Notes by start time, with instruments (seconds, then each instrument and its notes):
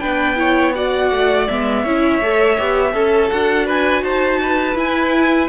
0.00 cello B3, viola D4, violin B4 G5
0.37 viola E4, violin C#5
0.75 viola F#4, violin D5 F#5
1.11 cello A3
1.49 cello G#3, viola B3, violin E5
1.83 cello C#4, viola E4, violin C#5
2.21 cello A3, viola A4
2.58 cello B3, viola G4
2.93 cello C#4, viola A4, violin A4
3.30 cello D4, viola F#4, violin F#5
3.66 violin B4 G#5
4.02 cello D#4, violin C5 A5
4.43 violin B4
4.75 viola E4, cello E4, violin G#5